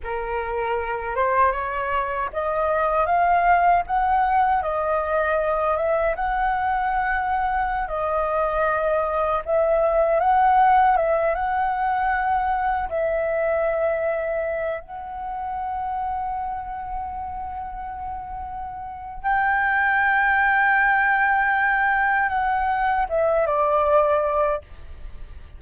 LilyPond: \new Staff \with { instrumentName = "flute" } { \time 4/4 \tempo 4 = 78 ais'4. c''8 cis''4 dis''4 | f''4 fis''4 dis''4. e''8 | fis''2~ fis''16 dis''4.~ dis''16~ | dis''16 e''4 fis''4 e''8 fis''4~ fis''16~ |
fis''8. e''2~ e''8 fis''8.~ | fis''1~ | fis''4 g''2.~ | g''4 fis''4 e''8 d''4. | }